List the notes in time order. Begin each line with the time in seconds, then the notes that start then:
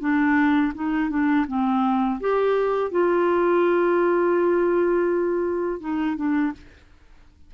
0.00 D4
0.74 D#4
1.09 D4
1.47 C4
2.20 G4
2.90 F4
5.80 D#4
6.16 D4